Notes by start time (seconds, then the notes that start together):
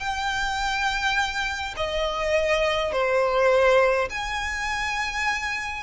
0.00 G5
1.77 D#5
2.93 C5
4.10 G#5